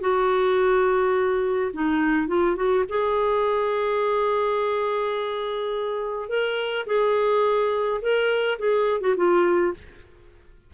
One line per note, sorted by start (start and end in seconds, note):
0.00 1.71 F#4
1.73 2.28 D#4
2.28 2.56 F4
2.56 2.84 F#4
2.89 6.29 G#4
6.29 6.86 A#4
6.86 8.01 G#4
8.01 8.58 A#4
8.59 9.01 G#4
9.01 9.15 F#4
9.16 9.74 F4